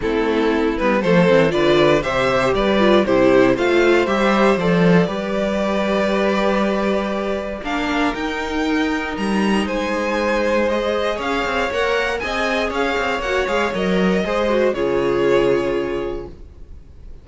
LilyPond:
<<
  \new Staff \with { instrumentName = "violin" } { \time 4/4 \tempo 4 = 118 a'4. b'8 c''4 d''4 | e''4 d''4 c''4 f''4 | e''4 d''2.~ | d''2. f''4 |
g''2 ais''4 gis''4~ | gis''4 dis''4 f''4 fis''4 | gis''4 f''4 fis''8 f''8 dis''4~ | dis''4 cis''2. | }
  \new Staff \with { instrumentName = "violin" } { \time 4/4 e'2 a'4 b'4 | c''4 b'4 g'4 c''4~ | c''2 b'2~ | b'2. ais'4~ |
ais'2. c''4~ | c''2 cis''2 | dis''4 cis''2. | c''4 gis'2. | }
  \new Staff \with { instrumentName = "viola" } { \time 4/4 c'4. b8 a8 c'8 f'4 | g'4. f'8 e'4 f'4 | g'4 a'4 g'2~ | g'2. d'4 |
dis'1~ | dis'4 gis'2 ais'4 | gis'2 fis'8 gis'8 ais'4 | gis'8 fis'8 f'2. | }
  \new Staff \with { instrumentName = "cello" } { \time 4/4 a4. g8 f8 e8 d4 | c4 g4 c4 a4 | g4 f4 g2~ | g2. ais4 |
dis'2 g4 gis4~ | gis2 cis'8 c'8 ais4 | c'4 cis'8 c'8 ais8 gis8 fis4 | gis4 cis2. | }
>>